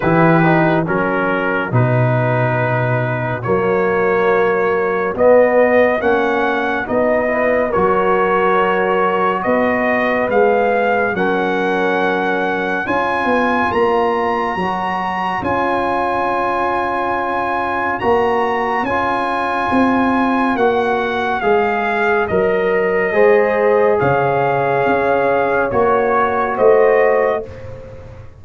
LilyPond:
<<
  \new Staff \with { instrumentName = "trumpet" } { \time 4/4 \tempo 4 = 70 b'4 ais'4 b'2 | cis''2 dis''4 fis''4 | dis''4 cis''2 dis''4 | f''4 fis''2 gis''4 |
ais''2 gis''2~ | gis''4 ais''4 gis''2 | fis''4 f''4 dis''2 | f''2 cis''4 dis''4 | }
  \new Staff \with { instrumentName = "horn" } { \time 4/4 g'4 fis'2.~ | fis'1~ | fis'8 b'8 ais'2 b'4~ | b'4 ais'2 cis''4~ |
cis''1~ | cis''1~ | cis''2. c''4 | cis''2. c''4 | }
  \new Staff \with { instrumentName = "trombone" } { \time 4/4 e'8 dis'8 cis'4 dis'2 | ais2 b4 cis'4 | dis'8 e'8 fis'2. | gis'4 cis'2 f'4~ |
f'4 fis'4 f'2~ | f'4 fis'4 f'2 | fis'4 gis'4 ais'4 gis'4~ | gis'2 fis'2 | }
  \new Staff \with { instrumentName = "tuba" } { \time 4/4 e4 fis4 b,2 | fis2 b4 ais4 | b4 fis2 b4 | gis4 fis2 cis'8 b8 |
ais4 fis4 cis'2~ | cis'4 ais4 cis'4 c'4 | ais4 gis4 fis4 gis4 | cis4 cis'4 ais4 a4 | }
>>